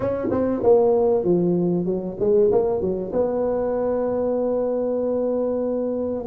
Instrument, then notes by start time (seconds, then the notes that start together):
tuba
0.00 C#4
0.31 C4
0.62 A#3
1.23 F3
1.85 F#3
2.19 G#3
2.51 A#3
2.80 F#3
3.12 B3